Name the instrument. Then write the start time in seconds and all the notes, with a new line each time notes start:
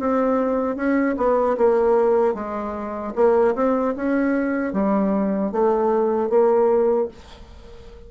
bassoon
0.00 C4
0.77 C#4
1.18 B3
1.58 A#3
2.35 G#3
3.16 A#3
3.55 C4
3.97 C#4
4.73 G3
5.52 A3
6.30 A#3